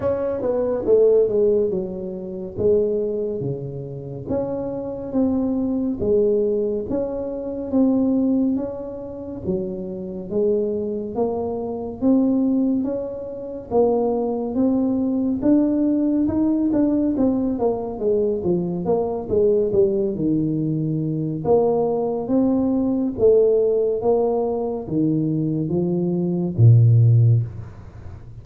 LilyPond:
\new Staff \with { instrumentName = "tuba" } { \time 4/4 \tempo 4 = 70 cis'8 b8 a8 gis8 fis4 gis4 | cis4 cis'4 c'4 gis4 | cis'4 c'4 cis'4 fis4 | gis4 ais4 c'4 cis'4 |
ais4 c'4 d'4 dis'8 d'8 | c'8 ais8 gis8 f8 ais8 gis8 g8 dis8~ | dis4 ais4 c'4 a4 | ais4 dis4 f4 ais,4 | }